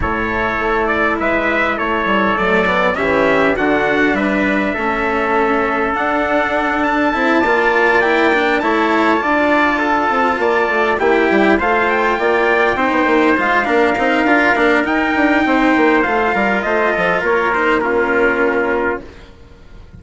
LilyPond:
<<
  \new Staff \with { instrumentName = "trumpet" } { \time 4/4 \tempo 4 = 101 cis''4. d''8 e''4 cis''4 | d''4 e''4 fis''4 e''4~ | e''2 fis''4. a''8~ | a''4. g''4 a''4.~ |
a''2~ a''8 g''4 f''8 | g''2~ g''8 f''4.~ | f''4 g''2 f''4 | dis''4 cis''8 c''8 ais'2 | }
  \new Staff \with { instrumentName = "trumpet" } { \time 4/4 a'2 b'4 a'4~ | a'4 g'4 fis'4 b'4 | a'1~ | a'8 d''2 cis''4 d''8~ |
d''8 a'4 d''4 g'4 c''8~ | c''8 d''4 c''4. ais'4~ | ais'2 c''4. ais'8 | c''8 a'8 ais'4 f'2 | }
  \new Staff \with { instrumentName = "cello" } { \time 4/4 e'1 | a8 b8 cis'4 d'2 | cis'2 d'2 | e'8 f'4 e'8 d'8 e'4 f'8~ |
f'2~ f'8 e'4 f'8~ | f'4. dis'4 f'8 d'8 dis'8 | f'8 d'8 dis'2 f'4~ | f'4. dis'8 cis'2 | }
  \new Staff \with { instrumentName = "bassoon" } { \time 4/4 a,4 a4 gis4 a8 g8 | fis4 e4 d4 g4 | a2 d'2 | c'8 ais2 a4 d'8~ |
d'4 c'8 ais8 a8 ais8 g8 a8~ | a8 ais4 c'16 b16 ais8 gis8 ais8 c'8 | d'8 ais8 dis'8 d'8 c'8 ais8 a8 g8 | a8 f8 ais2. | }
>>